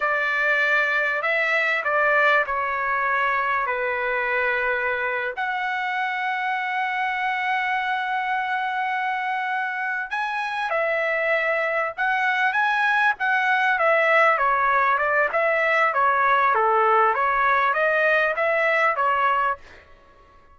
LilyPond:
\new Staff \with { instrumentName = "trumpet" } { \time 4/4 \tempo 4 = 98 d''2 e''4 d''4 | cis''2 b'2~ | b'8. fis''2.~ fis''16~ | fis''1~ |
fis''8 gis''4 e''2 fis''8~ | fis''8 gis''4 fis''4 e''4 cis''8~ | cis''8 d''8 e''4 cis''4 a'4 | cis''4 dis''4 e''4 cis''4 | }